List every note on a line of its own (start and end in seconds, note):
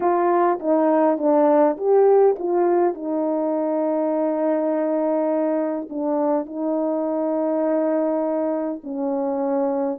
0.00 0.59 F4
0.59 1.18 D#4
1.18 1.76 D4
1.77 2.36 G4
2.39 2.94 F4
2.94 5.88 D#4
5.89 6.45 D4
6.45 8.81 D#4
8.83 9.99 C#4